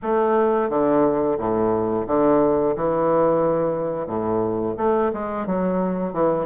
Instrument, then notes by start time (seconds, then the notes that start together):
bassoon
0.02 A3
0.69 D3
1.38 A2
2.07 D3
2.76 E3
4.06 A2
4.77 A3
5.13 G#3
5.46 F#3
6.13 E3